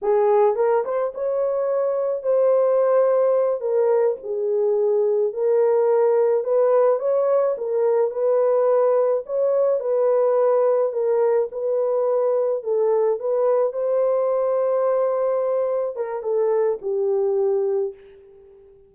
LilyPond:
\new Staff \with { instrumentName = "horn" } { \time 4/4 \tempo 4 = 107 gis'4 ais'8 c''8 cis''2 | c''2~ c''8 ais'4 gis'8~ | gis'4. ais'2 b'8~ | b'8 cis''4 ais'4 b'4.~ |
b'8 cis''4 b'2 ais'8~ | ais'8 b'2 a'4 b'8~ | b'8 c''2.~ c''8~ | c''8 ais'8 a'4 g'2 | }